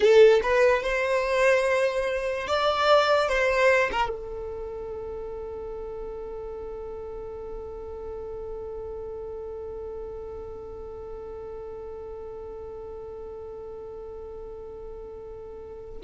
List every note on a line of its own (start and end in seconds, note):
0.00 0.41 A4
0.43 0.82 B4
0.82 2.47 C5
2.47 3.28 D5
3.28 3.90 C5
3.91 4.09 A#4
4.09 16.00 A4